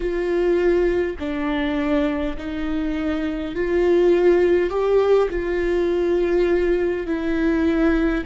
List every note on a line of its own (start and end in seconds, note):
0.00 1.16 F4
1.19 2.36 D4
2.37 3.55 D#4
3.55 4.70 F4
4.70 5.28 G4
5.29 7.06 F4
7.06 8.24 E4